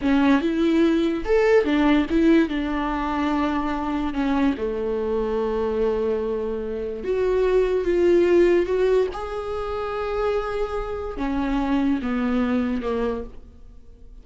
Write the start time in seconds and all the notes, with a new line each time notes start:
0.01 C#4
0.41 E4
1.24 A4
1.64 D4
2.10 E4
2.48 D4
4.13 C#4
4.57 A3
7.04 F#4
7.85 F4
8.66 F#4
9.13 G#4
11.17 C#4
12.02 B3
12.82 A#3